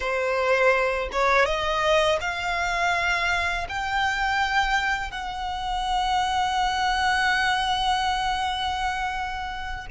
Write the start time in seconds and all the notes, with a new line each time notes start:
0.00 C5
1.12 C#5
1.45 D#5
2.21 F5
3.69 G5
5.11 F#5